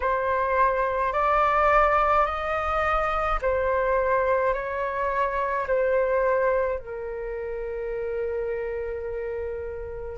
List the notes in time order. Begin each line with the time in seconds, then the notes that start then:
0.00 C5
1.13 D5
2.25 D#5
3.41 C5
4.53 C#5
5.67 C5
6.78 A#4